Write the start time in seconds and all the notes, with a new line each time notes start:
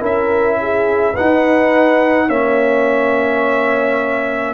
0.00 C#4 E4 A#4 E5
0.61 G#4
1.14 D#4 B4 F#5
1.21 D#4
2.28 A#3 C#4 C#5 E5